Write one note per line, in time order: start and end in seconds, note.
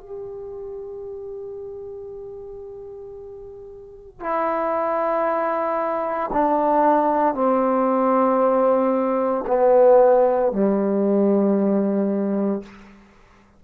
0.00 4.21 G4
4.21 6.31 E4
6.33 7.34 D4
7.34 9.45 C4
9.47 10.52 B3
10.52 12.63 G3